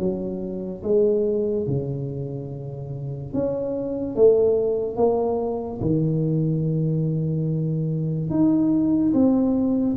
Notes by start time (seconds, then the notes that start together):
0.00 F#3
0.84 G#3
1.67 C#3
3.34 C#4
4.16 A3
4.97 A#3
5.82 D#3
8.30 D#4
9.14 C4